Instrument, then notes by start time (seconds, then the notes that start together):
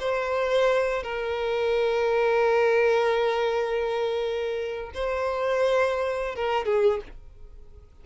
violin
0.00 C5
1.03 A#4
4.94 C5
6.35 A#4
6.65 G#4